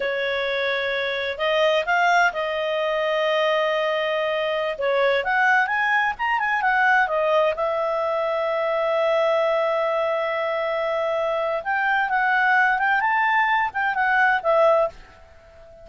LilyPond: \new Staff \with { instrumentName = "clarinet" } { \time 4/4 \tempo 4 = 129 cis''2. dis''4 | f''4 dis''2.~ | dis''2~ dis''16 cis''4 fis''8.~ | fis''16 gis''4 ais''8 gis''8 fis''4 dis''8.~ |
dis''16 e''2.~ e''8.~ | e''1~ | e''4 g''4 fis''4. g''8 | a''4. g''8 fis''4 e''4 | }